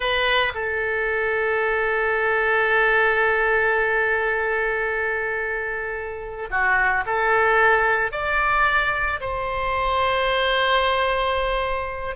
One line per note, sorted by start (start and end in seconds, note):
0.00 0.52 B4
0.54 6.49 A4
6.50 7.04 F#4
7.05 8.11 A4
8.11 9.19 D5
9.20 12.15 C5